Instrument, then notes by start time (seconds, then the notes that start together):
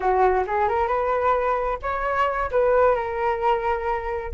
flute
0.00 F#4
0.46 G#4
0.68 A#4
0.87 B4
1.82 C#5
2.51 B4
2.95 A#4